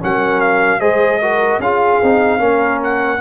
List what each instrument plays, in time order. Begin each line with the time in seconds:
0.00 tuba F#3, trombone C#4, horn A#4, trumpet F#5
0.40 trumpet F5
0.80 tuba G#3, trombone G#4, horn C5, trumpet D#5
1.21 trombone F#4, horn A#4
1.59 tuba C#4, trombone F4, horn G#4, trumpet F5
2.02 tuba C4, trombone D#4
2.38 tuba A#3, trombone C#4, horn A#4
2.83 trumpet F#5